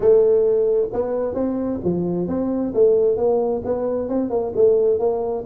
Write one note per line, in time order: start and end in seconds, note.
0.00 0.88 A3
0.93 1.34 B3
1.34 1.80 C4
1.84 2.27 F3
2.27 2.73 C4
2.74 3.16 A3
3.16 3.62 A#3
3.64 4.08 B3
4.08 4.30 C4
4.30 4.52 A#3
4.55 4.99 A3
4.99 5.44 A#3